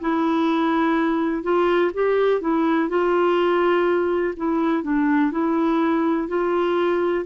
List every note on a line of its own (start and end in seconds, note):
0.00 1.43 E4
1.43 1.91 F4
1.94 2.41 G4
2.41 2.89 E4
2.89 4.34 F4
4.37 4.83 E4
4.83 5.31 D4
5.31 6.28 E4
6.28 7.25 F4